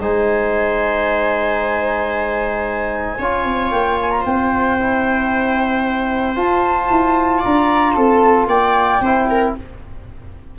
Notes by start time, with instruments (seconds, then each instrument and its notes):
0.00 tuba G#3, trombone D#4, viola C5, flute G#5
3.19 tuba C#4, trombone F4, viola C#5
3.45 tuba C4
3.72 tuba A#3, flute G5
4.02 flute G#5
4.11 flute A#5
4.21 tuba C4, viola C5, flute G5
4.80 trombone E4
6.36 trombone F4, tuba F4, flute A5
6.91 tuba E4
7.39 viola D5, flute A#5
7.45 tuba D4
7.94 tuba C4, viola A4, flute A5
8.47 tuba A#3, viola D5, flute G5
9.01 tuba C4, trombone E4, viola C5
9.30 viola A#4